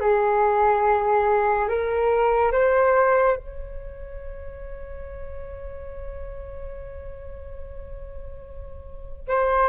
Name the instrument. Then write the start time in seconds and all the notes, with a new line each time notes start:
flute
0.00 G#4
1.69 A#4
2.52 C5
3.37 C#5
9.28 C5